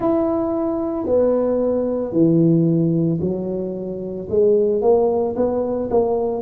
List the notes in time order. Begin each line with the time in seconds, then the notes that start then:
0.00 E4
1.06 B3
2.12 E3
3.20 F#3
4.29 G#3
4.81 A#3
5.36 B3
5.90 A#3